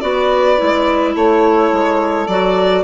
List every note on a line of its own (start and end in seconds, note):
0.00 0.58 B3
0.00 0.57 F#4
0.00 1.14 B4
0.00 1.13 D5
0.57 1.15 G#3
0.57 2.27 E4
1.14 1.71 A3
1.14 2.83 A4
1.14 2.27 C#5
1.71 2.27 G#3
2.27 2.83 F#3
2.27 2.83 F#4
2.27 2.83 D5